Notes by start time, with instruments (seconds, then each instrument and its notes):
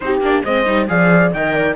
0.00 cello C4, viola D#4, horn G4, trumpet C5
0.20 cello A#3, viola D4, trumpet D5
0.44 cello G#3, viola C4, horn C5, trumpet D#5
0.65 cello G3, viola D#4
0.87 cello F3, viola G#4, horn D5, trumpet F5
1.32 cello D#3, viola A#4, horn D#5, trumpet G5
1.54 horn D5